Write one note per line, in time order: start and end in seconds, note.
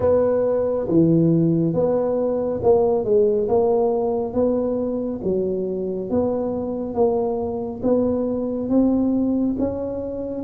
0.00 0.87 B3
0.88 1.73 E3
1.73 2.60 B3
2.62 3.04 A#3
3.04 3.47 G#3
3.48 4.33 A#3
4.33 5.20 B3
5.23 6.10 F#3
6.10 6.94 B3
6.94 7.81 A#3
7.83 8.69 B3
8.69 9.56 C4
9.58 10.44 C#4